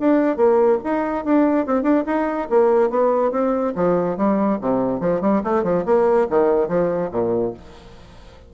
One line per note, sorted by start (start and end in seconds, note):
0.00 0.37 D4
0.37 0.79 A#3
0.84 1.25 D#4
1.25 1.66 D4
1.66 1.83 C4
1.83 2.04 D4
2.06 2.48 D#4
2.50 2.90 A#3
2.90 3.31 B3
3.31 3.73 C4
3.76 4.17 F3
4.17 4.59 G3
4.61 5.00 C3
5.00 5.21 F3
5.21 5.42 G3
5.44 5.64 A3
5.64 5.85 F3
5.86 6.27 A#3
6.30 6.68 D#3
6.68 7.10 F3
7.11 7.53 A#2